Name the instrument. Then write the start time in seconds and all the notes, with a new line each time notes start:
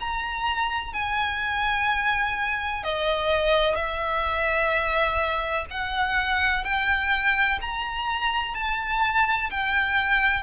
violin
0.00 A#5
0.94 G#5
2.84 D#5
3.75 E5
5.71 F#5
6.64 G5
7.61 A#5
8.55 A5
9.51 G5